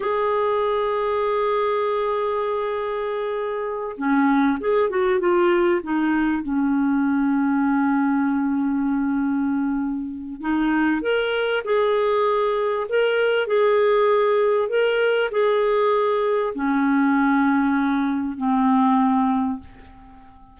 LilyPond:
\new Staff \with { instrumentName = "clarinet" } { \time 4/4 \tempo 4 = 98 gis'1~ | gis'2~ gis'8 cis'4 gis'8 | fis'8 f'4 dis'4 cis'4.~ | cis'1~ |
cis'4 dis'4 ais'4 gis'4~ | gis'4 ais'4 gis'2 | ais'4 gis'2 cis'4~ | cis'2 c'2 | }